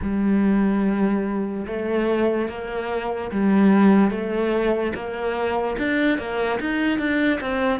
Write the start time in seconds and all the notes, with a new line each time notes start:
0.01 G3
1.66 A3
2.48 A#3
3.31 G3
4.11 A3
4.94 A#3
5.78 D4
6.18 A#3
6.59 D#4
6.98 D4
7.40 C4